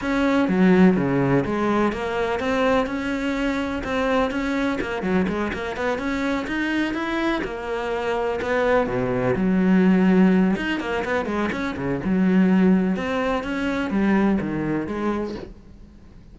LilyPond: \new Staff \with { instrumentName = "cello" } { \time 4/4 \tempo 4 = 125 cis'4 fis4 cis4 gis4 | ais4 c'4 cis'2 | c'4 cis'4 ais8 fis8 gis8 ais8 | b8 cis'4 dis'4 e'4 ais8~ |
ais4. b4 b,4 fis8~ | fis2 dis'8 ais8 b8 gis8 | cis'8 cis8 fis2 c'4 | cis'4 g4 dis4 gis4 | }